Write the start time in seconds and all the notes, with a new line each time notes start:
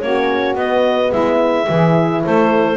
0.00 A#3 C#4 F#4 C#5
0.55 B3 D#5
1.11 G#3 E4 E5
1.68 E3 E4 G#4
2.23 A3 A4 C5